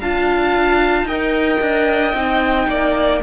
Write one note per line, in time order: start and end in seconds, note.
0.00 1.04 D4
0.00 1.08 F4
0.00 1.07 F5
0.00 1.07 A5
1.04 1.57 D#4
1.04 2.15 A#4
1.04 2.68 D#5
1.04 3.22 G5
1.61 2.13 D4
2.13 2.67 C4
2.13 3.22 D#4
2.68 3.21 A#3
2.68 3.23 D5